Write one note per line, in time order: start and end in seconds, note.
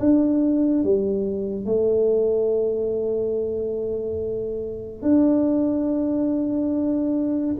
0.00 0.84 D4
0.84 1.66 G3
1.66 5.02 A3
5.02 7.56 D4